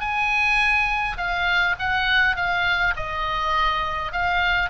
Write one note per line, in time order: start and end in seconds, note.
0.00 1.17 G#5
1.17 1.75 F5
1.79 2.36 F#5
2.36 2.94 F5
2.96 4.12 D#5
4.12 4.69 F5